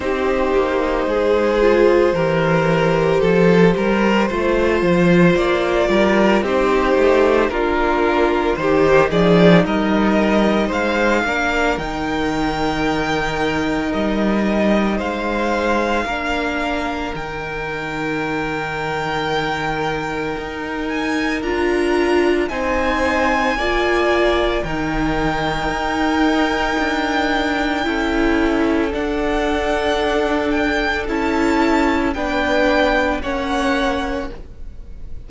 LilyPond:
<<
  \new Staff \with { instrumentName = "violin" } { \time 4/4 \tempo 4 = 56 c''1~ | c''4 d''4 c''4 ais'4 | c''8 d''8 dis''4 f''4 g''4~ | g''4 dis''4 f''2 |
g''2.~ g''8 gis''8 | ais''4 gis''2 g''4~ | g''2. fis''4~ | fis''8 g''8 a''4 g''4 fis''4 | }
  \new Staff \with { instrumentName = "violin" } { \time 4/4 g'4 gis'4 ais'4 a'8 ais'8 | c''4. ais'8 g'4 f'4 | g'8 gis'8 ais'4 c''8 ais'4.~ | ais'2 c''4 ais'4~ |
ais'1~ | ais'4 c''4 d''4 ais'4~ | ais'2 a'2~ | a'2 b'4 cis''4 | }
  \new Staff \with { instrumentName = "viola" } { \time 4/4 dis'4. f'8 g'2 | f'2 dis'4 d'4 | dis'2~ dis'8 d'8 dis'4~ | dis'2. d'4 |
dis'1 | f'4 dis'4 f'4 dis'4~ | dis'2 e'4 d'4~ | d'4 e'4 d'4 cis'4 | }
  \new Staff \with { instrumentName = "cello" } { \time 4/4 c'8 ais8 gis4 e4 f8 g8 | a8 f8 ais8 g8 c'8 a8 ais4 | dis8 f8 g4 gis8 ais8 dis4~ | dis4 g4 gis4 ais4 |
dis2. dis'4 | d'4 c'4 ais4 dis4 | dis'4 d'4 cis'4 d'4~ | d'4 cis'4 b4 ais4 | }
>>